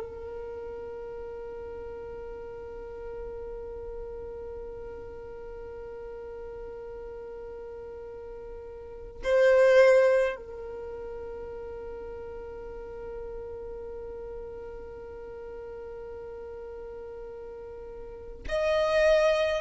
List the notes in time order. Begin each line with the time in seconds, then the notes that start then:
0.00 A#4
9.24 C5
10.36 A#4
18.49 D#5